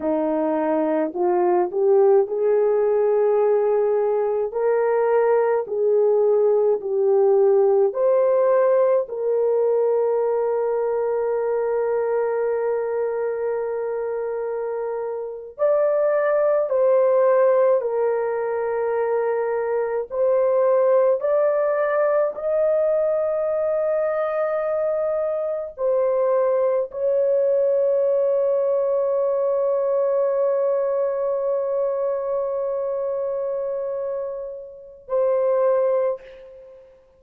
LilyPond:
\new Staff \with { instrumentName = "horn" } { \time 4/4 \tempo 4 = 53 dis'4 f'8 g'8 gis'2 | ais'4 gis'4 g'4 c''4 | ais'1~ | ais'4.~ ais'16 d''4 c''4 ais'16~ |
ais'4.~ ais'16 c''4 d''4 dis''16~ | dis''2~ dis''8. c''4 cis''16~ | cis''1~ | cis''2. c''4 | }